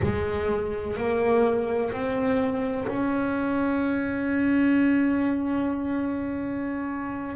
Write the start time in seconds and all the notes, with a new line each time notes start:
0.03 G#3
0.96 A#3
1.92 C4
2.87 C#4